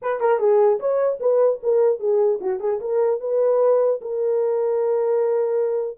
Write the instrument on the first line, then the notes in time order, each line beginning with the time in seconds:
horn
0.02 B4
0.20 A#4
0.39 G#4
0.79 C#5
1.20 B4
1.62 A#4
1.99 G#4
2.40 F#4
2.60 G#4
2.80 A#4
3.20 B4
4.01 A#4